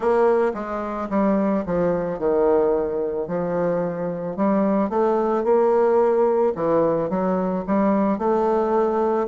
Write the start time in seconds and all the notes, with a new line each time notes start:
0.00 A#3
0.54 G#3
1.09 G3
1.66 F3
2.18 D#3
3.27 F3
4.36 G3
4.89 A3
5.43 A#3
6.55 E3
7.09 F#3
7.67 G3
8.18 A3